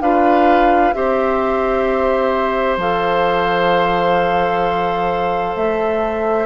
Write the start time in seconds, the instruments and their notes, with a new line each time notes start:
0.00 bassoon D4, clarinet F4, oboe B4, flute F5
0.93 bassoon C4, clarinet G4, oboe C5, flute E5
2.77 bassoon F3, clarinet A4, flute F5
5.56 bassoon A3, flute E5